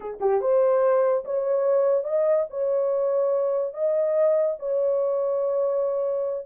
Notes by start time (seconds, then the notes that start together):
0.00 G#4
0.20 G4
0.41 C5
1.24 C#5
2.04 D#5
2.50 C#5
3.73 D#5
4.59 C#5